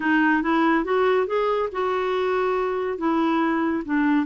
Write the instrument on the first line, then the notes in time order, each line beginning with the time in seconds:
clarinet
0.00 D#4
0.42 E4
0.84 F#4
1.26 G#4
1.71 F#4
2.98 E4
3.85 D4